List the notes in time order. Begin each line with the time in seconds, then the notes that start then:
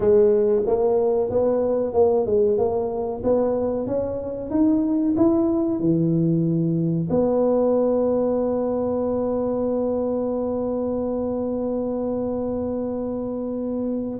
0.00 G#3
0.66 A#3
1.30 B3
1.93 A#3
2.26 G#3
2.58 A#3
3.23 B3
3.86 C#4
4.50 D#4
5.16 E4
5.79 E3
7.10 B3